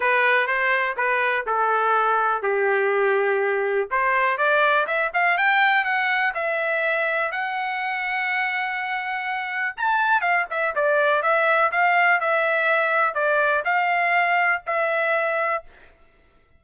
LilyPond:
\new Staff \with { instrumentName = "trumpet" } { \time 4/4 \tempo 4 = 123 b'4 c''4 b'4 a'4~ | a'4 g'2. | c''4 d''4 e''8 f''8 g''4 | fis''4 e''2 fis''4~ |
fis''1 | a''4 f''8 e''8 d''4 e''4 | f''4 e''2 d''4 | f''2 e''2 | }